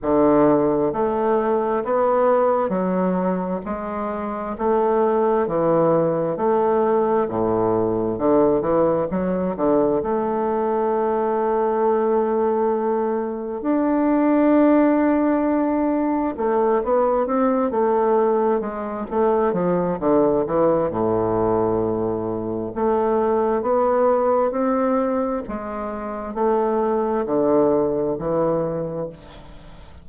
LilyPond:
\new Staff \with { instrumentName = "bassoon" } { \time 4/4 \tempo 4 = 66 d4 a4 b4 fis4 | gis4 a4 e4 a4 | a,4 d8 e8 fis8 d8 a4~ | a2. d'4~ |
d'2 a8 b8 c'8 a8~ | a8 gis8 a8 f8 d8 e8 a,4~ | a,4 a4 b4 c'4 | gis4 a4 d4 e4 | }